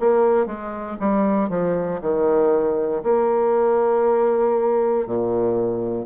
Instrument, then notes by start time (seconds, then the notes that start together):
bassoon
0.00 A#3
0.47 G#3
1.00 G3
1.50 F3
2.02 D#3
3.04 A#3
5.07 A#2